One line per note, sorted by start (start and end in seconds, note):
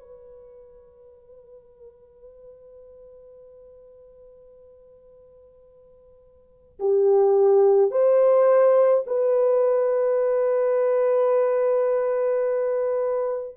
0.00 6.79 B4
6.79 7.91 G4
7.91 9.04 C5
9.07 13.56 B4